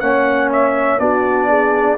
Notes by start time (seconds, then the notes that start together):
0.00 A#3 C#4 C#5 F#5
0.53 E5
0.99 B3 D4 F#4 D5
1.48 G#4